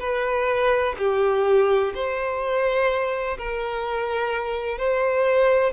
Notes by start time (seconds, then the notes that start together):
0.00 B4
0.98 G4
1.94 C5
3.38 A#4
4.78 C5